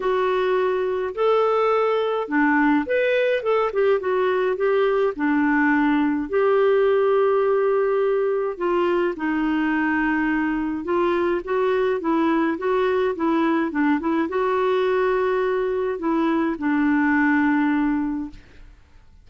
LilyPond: \new Staff \with { instrumentName = "clarinet" } { \time 4/4 \tempo 4 = 105 fis'2 a'2 | d'4 b'4 a'8 g'8 fis'4 | g'4 d'2 g'4~ | g'2. f'4 |
dis'2. f'4 | fis'4 e'4 fis'4 e'4 | d'8 e'8 fis'2. | e'4 d'2. | }